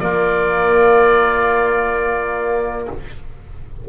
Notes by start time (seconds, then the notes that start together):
0.00 A#3 F4 D5